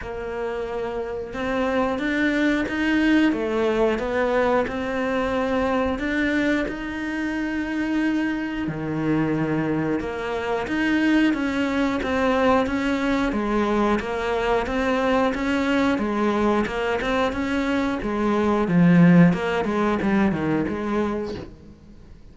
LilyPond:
\new Staff \with { instrumentName = "cello" } { \time 4/4 \tempo 4 = 90 ais2 c'4 d'4 | dis'4 a4 b4 c'4~ | c'4 d'4 dis'2~ | dis'4 dis2 ais4 |
dis'4 cis'4 c'4 cis'4 | gis4 ais4 c'4 cis'4 | gis4 ais8 c'8 cis'4 gis4 | f4 ais8 gis8 g8 dis8 gis4 | }